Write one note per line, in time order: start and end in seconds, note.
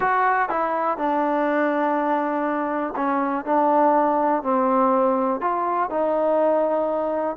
0.00 0.49 F#4
0.49 0.97 E4
0.97 2.94 D4
2.96 3.45 C#4
3.45 4.42 D4
4.42 5.40 C4
5.40 5.89 F4
5.90 7.36 D#4